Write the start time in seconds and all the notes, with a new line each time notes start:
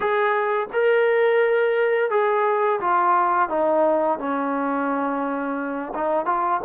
0.00 G#4
0.72 A#4
2.10 G#4
2.80 F4
3.49 D#4
4.18 C#4
5.94 D#4
6.25 F4